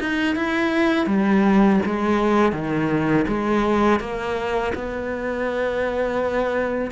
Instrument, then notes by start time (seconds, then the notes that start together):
cello
0.00 D#4
0.35 E4
1.06 G3
1.85 G#3
2.52 D#3
3.27 G#3
3.99 A#3
4.74 B3